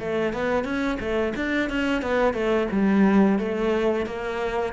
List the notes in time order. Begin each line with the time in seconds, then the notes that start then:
0.00 A3
0.33 B3
0.65 C#4
1.00 A3
1.36 D4
1.70 C#4
2.02 B3
2.34 A3
2.72 G3
3.39 A3
4.06 A#3